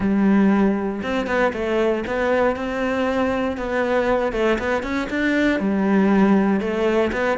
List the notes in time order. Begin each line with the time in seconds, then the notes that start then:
0.00 G3
1.02 C4
1.27 B3
1.53 A3
2.06 B3
2.56 C4
3.57 B3
4.32 A3
4.59 B3
4.82 C#4
5.09 D4
5.59 G3
6.60 A3
7.12 B3